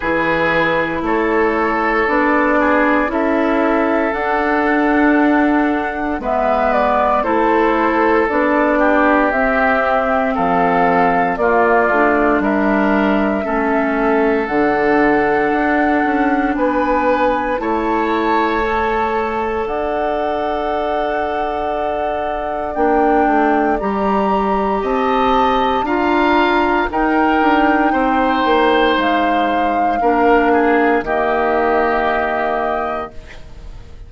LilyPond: <<
  \new Staff \with { instrumentName = "flute" } { \time 4/4 \tempo 4 = 58 b'4 cis''4 d''4 e''4 | fis''2 e''8 d''8 c''4 | d''4 e''4 f''4 d''4 | e''2 fis''2 |
gis''4 a''2 fis''4~ | fis''2 g''4 ais''4 | a''4 ais''4 g''2 | f''2 dis''2 | }
  \new Staff \with { instrumentName = "oboe" } { \time 4/4 gis'4 a'4. gis'8 a'4~ | a'2 b'4 a'4~ | a'8 g'4. a'4 f'4 | ais'4 a'2. |
b'4 cis''2 d''4~ | d''1 | dis''4 f''4 ais'4 c''4~ | c''4 ais'8 gis'8 g'2 | }
  \new Staff \with { instrumentName = "clarinet" } { \time 4/4 e'2 d'4 e'4 | d'2 b4 e'4 | d'4 c'2 ais8 d'8~ | d'4 cis'4 d'2~ |
d'4 e'4 a'2~ | a'2 d'4 g'4~ | g'4 f'4 dis'2~ | dis'4 d'4 ais2 | }
  \new Staff \with { instrumentName = "bassoon" } { \time 4/4 e4 a4 b4 cis'4 | d'2 gis4 a4 | b4 c'4 f4 ais8 a8 | g4 a4 d4 d'8 cis'8 |
b4 a2 d'4~ | d'2 ais8 a8 g4 | c'4 d'4 dis'8 d'8 c'8 ais8 | gis4 ais4 dis2 | }
>>